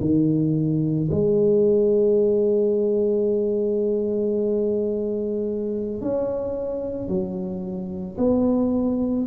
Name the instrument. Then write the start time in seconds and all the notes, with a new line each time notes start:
tuba
0.00 D#3
1.11 G#3
6.01 C#4
7.08 F#3
8.18 B3